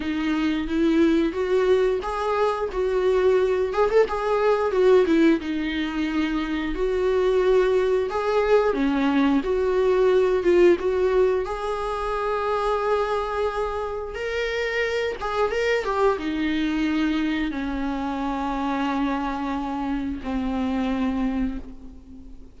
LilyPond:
\new Staff \with { instrumentName = "viola" } { \time 4/4 \tempo 4 = 89 dis'4 e'4 fis'4 gis'4 | fis'4. gis'16 a'16 gis'4 fis'8 e'8 | dis'2 fis'2 | gis'4 cis'4 fis'4. f'8 |
fis'4 gis'2.~ | gis'4 ais'4. gis'8 ais'8 g'8 | dis'2 cis'2~ | cis'2 c'2 | }